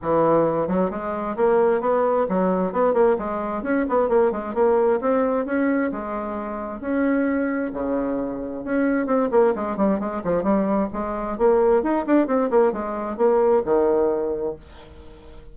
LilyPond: \new Staff \with { instrumentName = "bassoon" } { \time 4/4 \tempo 4 = 132 e4. fis8 gis4 ais4 | b4 fis4 b8 ais8 gis4 | cis'8 b8 ais8 gis8 ais4 c'4 | cis'4 gis2 cis'4~ |
cis'4 cis2 cis'4 | c'8 ais8 gis8 g8 gis8 f8 g4 | gis4 ais4 dis'8 d'8 c'8 ais8 | gis4 ais4 dis2 | }